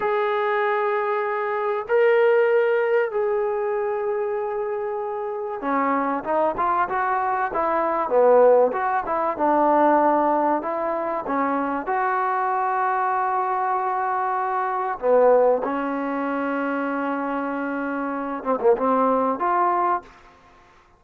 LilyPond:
\new Staff \with { instrumentName = "trombone" } { \time 4/4 \tempo 4 = 96 gis'2. ais'4~ | ais'4 gis'2.~ | gis'4 cis'4 dis'8 f'8 fis'4 | e'4 b4 fis'8 e'8 d'4~ |
d'4 e'4 cis'4 fis'4~ | fis'1 | b4 cis'2.~ | cis'4. c'16 ais16 c'4 f'4 | }